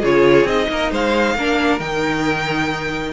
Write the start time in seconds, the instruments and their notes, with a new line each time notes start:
0.00 cello C#3, viola F4, violin G#4 C#5
0.44 cello C4, viola D#4, violin D#5
0.69 cello A#3, violin A#4
0.91 cello G#3, violin C5 F5
1.35 cello A#3, viola D4, violin A#4
1.80 cello D#3, viola D#4, violin G5